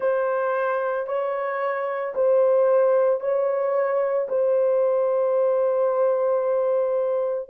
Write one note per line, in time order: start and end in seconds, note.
0.00 1.06 C5
1.06 2.13 C#5
2.14 3.20 C5
3.20 4.27 C#5
4.29 7.49 C5